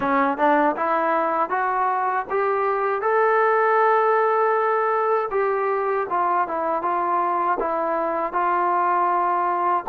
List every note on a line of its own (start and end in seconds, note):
0.00 0.37 C#4
0.37 0.75 D4
0.76 1.49 E4
1.49 2.25 F#4
2.30 3.01 G4
3.01 5.29 A4
5.31 6.07 G4
6.09 6.47 F4
6.47 6.81 E4
6.81 7.57 F4
7.59 8.32 E4
8.32 9.84 F4